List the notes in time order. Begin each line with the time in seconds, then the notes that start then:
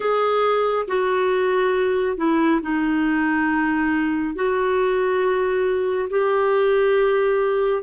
0.00 G#4
0.87 F#4
2.17 E4
2.62 D#4
4.35 F#4
6.09 G4